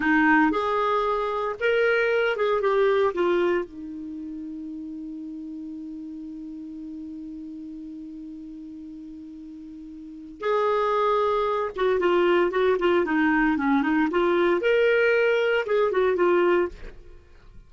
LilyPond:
\new Staff \with { instrumentName = "clarinet" } { \time 4/4 \tempo 4 = 115 dis'4 gis'2 ais'4~ | ais'8 gis'8 g'4 f'4 dis'4~ | dis'1~ | dis'1~ |
dis'1 | gis'2~ gis'8 fis'8 f'4 | fis'8 f'8 dis'4 cis'8 dis'8 f'4 | ais'2 gis'8 fis'8 f'4 | }